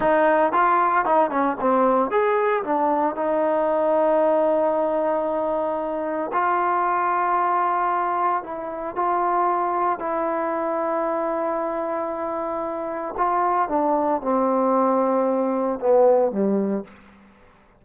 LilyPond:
\new Staff \with { instrumentName = "trombone" } { \time 4/4 \tempo 4 = 114 dis'4 f'4 dis'8 cis'8 c'4 | gis'4 d'4 dis'2~ | dis'1 | f'1 |
e'4 f'2 e'4~ | e'1~ | e'4 f'4 d'4 c'4~ | c'2 b4 g4 | }